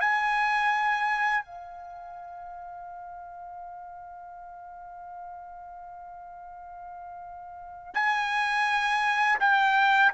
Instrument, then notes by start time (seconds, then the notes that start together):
trumpet
0.00 G#5
1.44 F5
7.94 G#5
9.40 G5